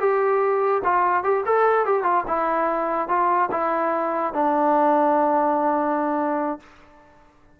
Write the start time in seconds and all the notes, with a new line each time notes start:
0.00 G4
0.84 F4
1.23 G4
1.46 A4
1.86 G4
2.03 F4
2.27 E4
3.09 F4
3.51 E4
4.34 D4